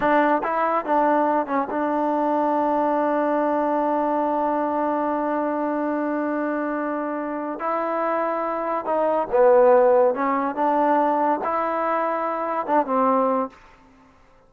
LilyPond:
\new Staff \with { instrumentName = "trombone" } { \time 4/4 \tempo 4 = 142 d'4 e'4 d'4. cis'8 | d'1~ | d'1~ | d'1~ |
d'2 e'2~ | e'4 dis'4 b2 | cis'4 d'2 e'4~ | e'2 d'8 c'4. | }